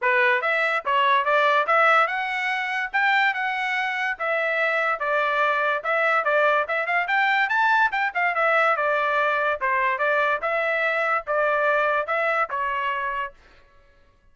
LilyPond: \new Staff \with { instrumentName = "trumpet" } { \time 4/4 \tempo 4 = 144 b'4 e''4 cis''4 d''4 | e''4 fis''2 g''4 | fis''2 e''2 | d''2 e''4 d''4 |
e''8 f''8 g''4 a''4 g''8 f''8 | e''4 d''2 c''4 | d''4 e''2 d''4~ | d''4 e''4 cis''2 | }